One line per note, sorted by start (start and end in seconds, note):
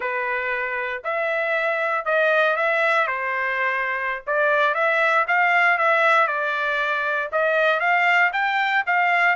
0.00 1.02 B4
1.04 2.05 E5
2.05 2.56 D#5
2.56 3.07 E5
3.07 4.22 C5
4.26 4.74 D5
4.74 5.25 E5
5.27 5.77 F5
5.77 6.27 E5
6.27 7.29 D5
7.32 7.80 D#5
7.80 8.31 F5
8.32 8.84 G5
8.86 9.35 F5